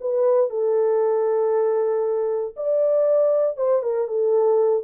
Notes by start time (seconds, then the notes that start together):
0.00 B4
0.50 A4
2.56 D5
3.56 C5
3.82 A#4
4.07 A4